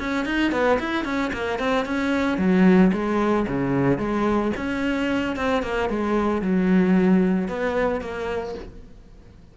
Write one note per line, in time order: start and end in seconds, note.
0.00 0.26 C#4
0.26 0.52 D#4
0.52 0.79 B3
0.80 1.05 E4
1.05 1.32 C#4
1.33 1.59 A#3
1.59 1.86 C4
1.86 2.38 C#4
2.38 2.92 F#3
2.93 3.47 G#3
3.48 3.99 C#3
3.99 4.52 G#3
4.57 5.36 C#4
5.36 5.63 C4
5.63 5.90 A#3
5.90 6.42 G#3
6.42 7.49 F#3
7.49 8.01 B3
8.01 8.55 A#3